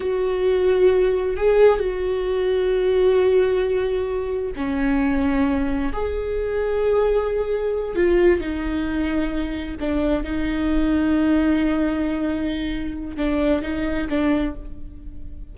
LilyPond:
\new Staff \with { instrumentName = "viola" } { \time 4/4 \tempo 4 = 132 fis'2. gis'4 | fis'1~ | fis'2 cis'2~ | cis'4 gis'2.~ |
gis'4. f'4 dis'4.~ | dis'4. d'4 dis'4.~ | dis'1~ | dis'4 d'4 dis'4 d'4 | }